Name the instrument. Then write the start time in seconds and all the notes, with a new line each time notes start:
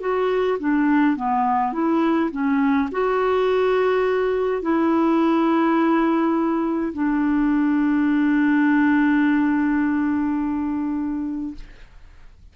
clarinet
0.00 F#4
0.59 D4
1.16 B3
1.73 E4
2.31 C#4
2.91 F#4
4.62 E4
6.93 D4